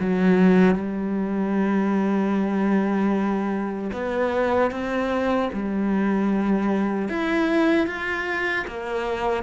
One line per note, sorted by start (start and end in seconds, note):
0.00 0.75 F#3
0.75 3.91 G3
3.93 4.71 B3
4.71 5.50 C4
5.53 7.08 G3
7.08 7.87 E4
7.87 8.66 F4
8.67 9.43 A#3